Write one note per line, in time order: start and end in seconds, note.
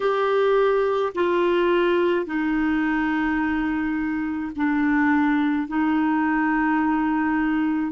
0.00 1.13 G4
1.14 2.25 F4
2.25 4.52 D#4
4.55 5.68 D4
5.68 7.92 D#4